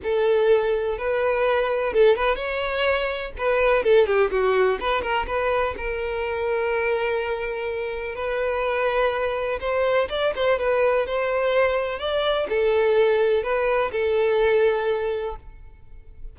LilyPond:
\new Staff \with { instrumentName = "violin" } { \time 4/4 \tempo 4 = 125 a'2 b'2 | a'8 b'8 cis''2 b'4 | a'8 g'8 fis'4 b'8 ais'8 b'4 | ais'1~ |
ais'4 b'2. | c''4 d''8 c''8 b'4 c''4~ | c''4 d''4 a'2 | b'4 a'2. | }